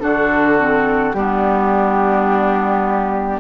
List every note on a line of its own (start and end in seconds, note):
0.00 1.14 D3
0.00 0.57 D4
0.00 1.16 F#4
0.00 1.13 A4
0.58 1.15 C4
1.13 3.40 G3
1.13 3.40 B3
1.13 3.40 D4
1.13 3.40 G4